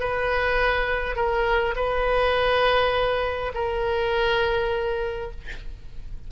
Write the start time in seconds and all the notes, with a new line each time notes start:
0.00 B4
1.16 A#4
1.76 B4
3.55 A#4